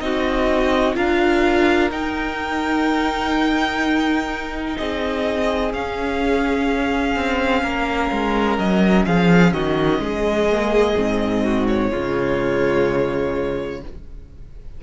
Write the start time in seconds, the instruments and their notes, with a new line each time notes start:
0.00 cello C4, viola D#4, violin F#4 D#5
0.94 cello D4, viola F4, violin A#4 F5
1.90 cello D#4, viola D#4, violin G5
4.77 cello C4, violin G#4 D#5
5.73 cello C#4, viola C#4, violin F5
7.16 cello C4
7.63 cello A#3, violin A#4
8.11 cello G#3
8.58 cello F#3, violin D#5
9.06 cello F3, violin G#4 F5
9.53 cello D#3, violin F#4 D#5
9.99 cello G#3, violin G#4
10.51 viola A#3
10.96 cello G#2, viola C4
11.43 violin F#4
11.67 violin C#5
11.90 cello C#3, viola G#3, violin F4